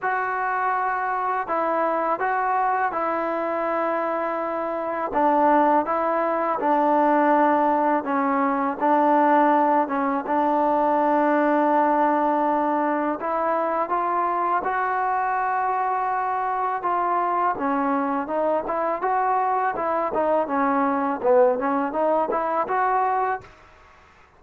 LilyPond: \new Staff \with { instrumentName = "trombone" } { \time 4/4 \tempo 4 = 82 fis'2 e'4 fis'4 | e'2. d'4 | e'4 d'2 cis'4 | d'4. cis'8 d'2~ |
d'2 e'4 f'4 | fis'2. f'4 | cis'4 dis'8 e'8 fis'4 e'8 dis'8 | cis'4 b8 cis'8 dis'8 e'8 fis'4 | }